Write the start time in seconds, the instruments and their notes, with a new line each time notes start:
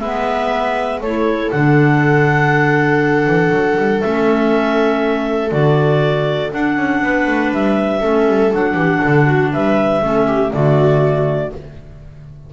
0.00 double bass G#3, clarinet B3 E5, viola B4
1.01 double bass A3, clarinet E4 C#5, viola A4
1.51 double bass D3, clarinet D4 F#5
3.27 double bass E3
3.51 double bass F#3
3.78 double bass G3
4.01 double bass A3, clarinet C#4 E5
5.50 double bass D3, clarinet F#4 D5
6.51 clarinet D4 F#5, double bass D4
6.77 double bass C#4
7.02 double bass B3, viola B4
7.27 double bass A3
7.52 double bass G3, clarinet E5
8.01 double bass A3, clarinet C#4, viola A4
8.27 double bass G3
8.52 double bass F#3, clarinet D4 F#5
8.74 double bass E3, viola G4
9.02 double bass D3, viola A4
9.26 viola F#4
9.53 double bass G3, viola B4, clarinet E5
10.02 double bass A3, clarinet C#4, viola A4
10.27 viola G4
10.51 double bass D3, clarinet A3 D5, viola F#4